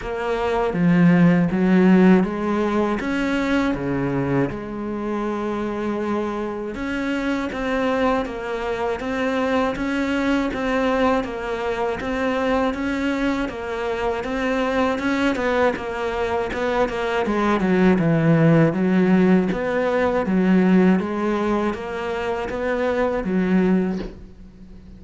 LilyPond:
\new Staff \with { instrumentName = "cello" } { \time 4/4 \tempo 4 = 80 ais4 f4 fis4 gis4 | cis'4 cis4 gis2~ | gis4 cis'4 c'4 ais4 | c'4 cis'4 c'4 ais4 |
c'4 cis'4 ais4 c'4 | cis'8 b8 ais4 b8 ais8 gis8 fis8 | e4 fis4 b4 fis4 | gis4 ais4 b4 fis4 | }